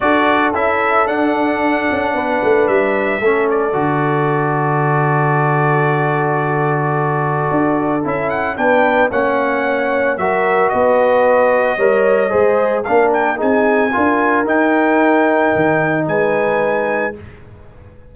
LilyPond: <<
  \new Staff \with { instrumentName = "trumpet" } { \time 4/4 \tempo 4 = 112 d''4 e''4 fis''2~ | fis''4 e''4. d''4.~ | d''1~ | d''2. e''8 fis''8 |
g''4 fis''2 e''4 | dis''1 | f''8 g''8 gis''2 g''4~ | g''2 gis''2 | }
  \new Staff \with { instrumentName = "horn" } { \time 4/4 a'1 | b'2 a'2~ | a'1~ | a'1 |
b'4 cis''2 ais'4 | b'2 cis''4 c''4 | ais'4 gis'4 ais'2~ | ais'2 b'2 | }
  \new Staff \with { instrumentName = "trombone" } { \time 4/4 fis'4 e'4 d'2~ | d'2 cis'4 fis'4~ | fis'1~ | fis'2. e'4 |
d'4 cis'2 fis'4~ | fis'2 ais'4 gis'4 | d'4 dis'4 f'4 dis'4~ | dis'1 | }
  \new Staff \with { instrumentName = "tuba" } { \time 4/4 d'4 cis'4 d'4. cis'8 | b8 a8 g4 a4 d4~ | d1~ | d2 d'4 cis'4 |
b4 ais2 fis4 | b2 g4 gis4 | ais4 c'4 d'4 dis'4~ | dis'4 dis4 gis2 | }
>>